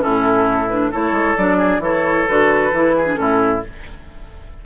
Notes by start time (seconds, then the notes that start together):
0.00 A2 C#4 E4 A4
0.68 D4 B4
0.91 A3 E4 A4 C#5
1.11 G#3
1.37 F#3 D4 D5
1.57 G#4
1.78 E3 E4 A4 C#5
2.28 D3 F#4 B4
2.72 E3 E4
2.96 G#4
3.06 D4
3.15 A2 C#4 E4 A4